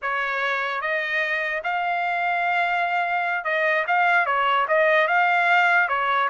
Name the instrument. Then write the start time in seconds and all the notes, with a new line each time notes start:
trumpet
0.02 C#5
0.81 D#5
1.63 F5
3.44 D#5
3.87 F5
4.25 C#5
4.68 D#5
5.07 F5
5.88 C#5